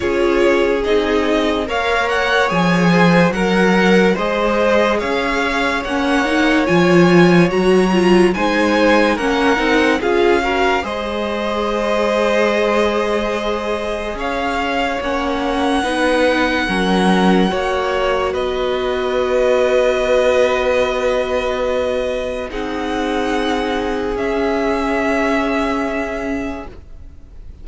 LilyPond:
<<
  \new Staff \with { instrumentName = "violin" } { \time 4/4 \tempo 4 = 72 cis''4 dis''4 f''8 fis''8 gis''4 | fis''4 dis''4 f''4 fis''4 | gis''4 ais''4 gis''4 fis''4 | f''4 dis''2.~ |
dis''4 f''4 fis''2~ | fis''2 dis''2~ | dis''2. fis''4~ | fis''4 e''2. | }
  \new Staff \with { instrumentName = "violin" } { \time 4/4 gis'2 cis''4. c''8 | ais'4 c''4 cis''2~ | cis''2 c''4 ais'4 | gis'8 ais'8 c''2.~ |
c''4 cis''2 b'4 | ais'4 cis''4 b'2~ | b'2. gis'4~ | gis'1 | }
  \new Staff \with { instrumentName = "viola" } { \time 4/4 f'4 dis'4 ais'4 gis'4 | ais'4 gis'2 cis'8 dis'8 | f'4 fis'8 f'8 dis'4 cis'8 dis'8 | f'8 fis'8 gis'2.~ |
gis'2 cis'4 dis'4 | cis'4 fis'2.~ | fis'2. dis'4~ | dis'4 cis'2. | }
  \new Staff \with { instrumentName = "cello" } { \time 4/4 cis'4 c'4 ais4 f4 | fis4 gis4 cis'4 ais4 | f4 fis4 gis4 ais8 c'8 | cis'4 gis2.~ |
gis4 cis'4 ais4 b4 | fis4 ais4 b2~ | b2. c'4~ | c'4 cis'2. | }
>>